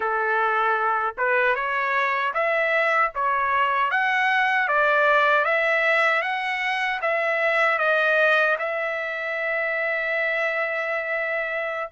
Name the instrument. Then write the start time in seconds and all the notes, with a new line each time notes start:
trumpet
0.00 A4
1.17 B4
1.55 C#5
2.34 E5
3.15 C#5
3.90 F#5
4.68 D5
5.44 E5
6.22 F#5
7.01 E5
7.78 D#5
8.58 E5